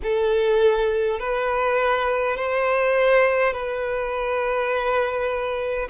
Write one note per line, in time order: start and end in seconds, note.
0.02 1.19 A4
1.19 2.36 B4
2.36 3.53 C5
3.53 5.88 B4